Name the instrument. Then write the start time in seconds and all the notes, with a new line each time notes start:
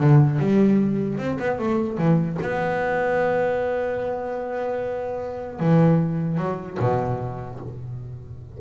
double bass
0.00 D3
0.40 G3
1.18 C4
1.39 B3
1.59 A3
1.98 E3
2.42 B3
5.60 E3
6.38 F#3
6.80 B2